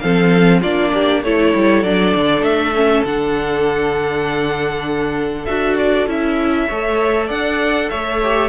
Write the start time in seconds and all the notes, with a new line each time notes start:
0.00 F3 C4 A4 F5
0.61 A#3 D4 F4 D5
0.94 G4
1.24 A3 E4 A4 C#5
1.55 G3
1.84 F#3 D4 D5
2.16 D3
2.42 A3 E5
2.75 C#4
3.05 D3 D4 F#5
5.46 D4 F#4 E5
5.78 D5
6.07 C#4 E4 E5
6.68 A3 A4 C#5
7.27 D4 D5 F#5
7.90 A3 C#5 E5
8.24 G4